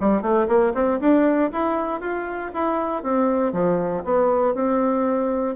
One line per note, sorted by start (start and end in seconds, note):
0.00 0.22 G3
0.22 0.47 A3
0.48 0.73 A#3
0.74 1.00 C4
1.00 1.51 D4
1.52 2.00 E4
2.00 2.51 F4
2.54 3.03 E4
3.03 3.53 C4
3.53 4.04 F3
4.04 4.54 B3
4.54 5.56 C4